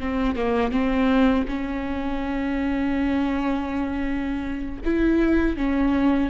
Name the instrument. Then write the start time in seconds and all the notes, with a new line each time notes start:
viola
0.00 C4
0.36 A#3
0.72 C4
1.48 C#4
4.85 E4
5.57 C#4